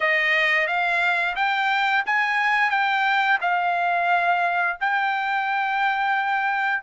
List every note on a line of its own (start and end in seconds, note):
0.00 0.67 D#5
0.67 1.35 F5
1.35 2.04 G5
2.05 2.70 G#5
2.70 3.38 G5
3.41 4.77 F5
4.80 6.82 G5